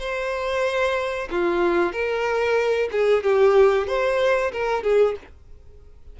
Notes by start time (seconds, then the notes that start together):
0.00 C5
1.31 F4
1.93 A#4
2.92 G#4
3.24 G4
3.87 C5
4.52 A#4
4.84 G#4